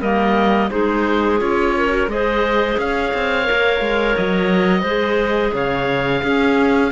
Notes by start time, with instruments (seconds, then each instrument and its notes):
0.00 cello G3, clarinet A#3 A#4, oboe D#5
0.70 cello G#3, clarinet D#4 G#4, oboe C5
1.38 cello C#4, clarinet F4, oboe C#5
1.77 clarinet A#4
1.89 clarinet F#4
2.08 cello G#3, clarinet G#4 C5, oboe D#5
2.78 cello C#4, clarinet C#5, oboe F5
3.14 cello C4
3.44 clarinet A#4
3.51 cello A#3
3.81 cello G#3
4.17 cello F#3, oboe D#5
4.81 cello G#3, clarinet G#4 C5
5.53 cello C#3, clarinet C#5, oboe F5
6.22 cello C#4, clarinet C#4 G#4